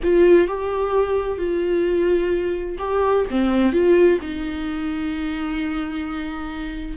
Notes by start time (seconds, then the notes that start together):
0.03 F4
0.47 G4
1.38 F4
2.78 G4
3.30 C4
3.72 F4
4.21 D#4